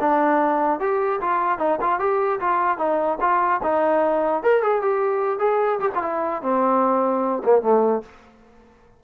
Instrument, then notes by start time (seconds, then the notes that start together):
trombone
0.00 D4
0.80 G4
1.21 F4
1.59 D#4
1.81 F4
2.00 G4
2.40 F4
2.78 D#4
3.20 F4
3.63 D#4
4.43 A#4
4.63 G#4
4.82 G4
5.39 G#4
5.79 G4
5.95 F4
6.02 E4
6.42 C4
7.44 A#3
7.62 A3